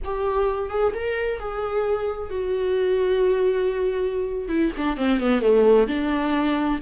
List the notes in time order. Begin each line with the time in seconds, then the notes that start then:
0.04 G4
0.69 G#4
0.93 A#4
1.39 G#4
2.30 F#4
4.48 E4
4.77 D4
4.97 C4
5.19 B3
5.41 A3
5.87 D4